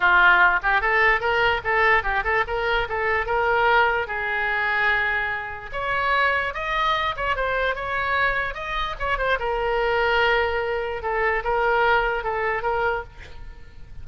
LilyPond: \new Staff \with { instrumentName = "oboe" } { \time 4/4 \tempo 4 = 147 f'4. g'8 a'4 ais'4 | a'4 g'8 a'8 ais'4 a'4 | ais'2 gis'2~ | gis'2 cis''2 |
dis''4. cis''8 c''4 cis''4~ | cis''4 dis''4 cis''8 c''8 ais'4~ | ais'2. a'4 | ais'2 a'4 ais'4 | }